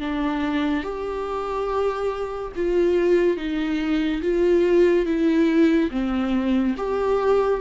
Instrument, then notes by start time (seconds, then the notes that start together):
viola
0.00 D4
0.84 G4
2.56 F4
3.37 D#4
4.23 F4
5.06 E4
5.91 C4
6.78 G4